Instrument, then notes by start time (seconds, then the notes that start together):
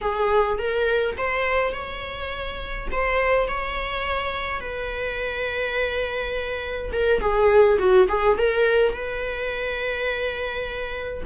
viola
0.01 G#4
0.58 A#4
1.17 C5
1.72 C#5
2.91 C5
3.47 C#5
4.60 B4
6.92 A#4
7.20 G#4
7.79 F#4
8.08 G#4
8.37 A#4
8.92 B4